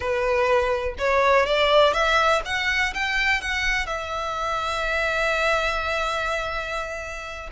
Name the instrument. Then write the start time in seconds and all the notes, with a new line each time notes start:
violin
0.00 B4
0.98 C#5
1.46 D5
1.93 E5
2.45 F#5
2.94 G5
3.41 F#5
3.86 E5